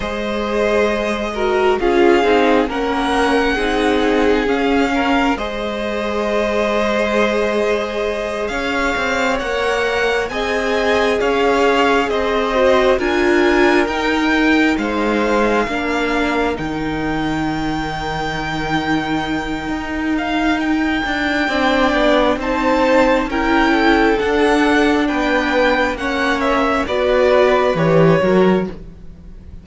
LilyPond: <<
  \new Staff \with { instrumentName = "violin" } { \time 4/4 \tempo 4 = 67 dis''2 f''4 fis''4~ | fis''4 f''4 dis''2~ | dis''4. f''4 fis''4 gis''8~ | gis''8 f''4 dis''4 gis''4 g''8~ |
g''8 f''2 g''4.~ | g''2~ g''8 f''8 g''4~ | g''4 a''4 g''4 fis''4 | g''4 fis''8 e''8 d''4 cis''4 | }
  \new Staff \with { instrumentName = "violin" } { \time 4/4 c''4. ais'8 gis'4 ais'4 | gis'4. ais'8 c''2~ | c''4. cis''2 dis''8~ | dis''8 cis''4 c''4 ais'4.~ |
ais'8 c''4 ais'2~ ais'8~ | ais'1 | d''4 c''4 ais'8 a'4. | b'4 cis''4 b'4. ais'8 | }
  \new Staff \with { instrumentName = "viola" } { \time 4/4 gis'4. fis'8 f'8 dis'8 cis'4 | dis'4 cis'4 gis'2~ | gis'2~ gis'8 ais'4 gis'8~ | gis'2 fis'8 f'4 dis'8~ |
dis'4. d'4 dis'4.~ | dis'1 | d'4 dis'4 e'4 d'4~ | d'4 cis'4 fis'4 g'8 fis'8 | }
  \new Staff \with { instrumentName = "cello" } { \time 4/4 gis2 cis'8 c'8 ais4 | c'4 cis'4 gis2~ | gis4. cis'8 c'8 ais4 c'8~ | c'8 cis'4 c'4 d'4 dis'8~ |
dis'8 gis4 ais4 dis4.~ | dis2 dis'4. d'8 | c'8 b8 c'4 cis'4 d'4 | b4 ais4 b4 e8 fis8 | }
>>